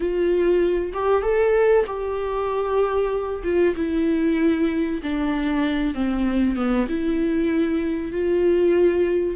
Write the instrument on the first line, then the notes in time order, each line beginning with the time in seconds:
viola
0.00 F4
0.93 G4
1.22 A4
1.86 G4
3.43 F4
3.76 E4
5.03 D4
5.94 C4
6.56 B3
6.88 E4
8.12 F4